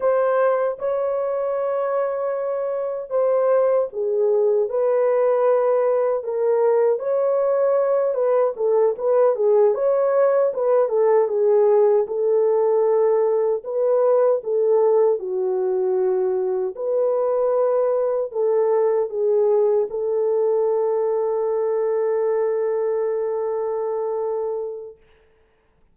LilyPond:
\new Staff \with { instrumentName = "horn" } { \time 4/4 \tempo 4 = 77 c''4 cis''2. | c''4 gis'4 b'2 | ais'4 cis''4. b'8 a'8 b'8 | gis'8 cis''4 b'8 a'8 gis'4 a'8~ |
a'4. b'4 a'4 fis'8~ | fis'4. b'2 a'8~ | a'8 gis'4 a'2~ a'8~ | a'1 | }